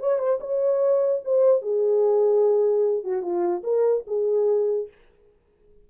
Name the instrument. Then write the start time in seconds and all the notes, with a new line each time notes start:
horn
0.00 C#5
0.18 C5
0.40 C#5
1.25 C5
1.62 G#4
3.04 F#4
3.22 F4
3.63 A#4
4.07 G#4